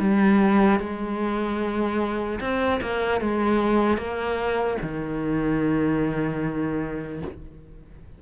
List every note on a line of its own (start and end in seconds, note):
0.00 0.80 G3
0.80 2.40 G#3
2.41 2.81 C4
2.81 3.21 A#3
3.21 3.98 G#3
3.98 4.78 A#3
4.83 7.23 D#3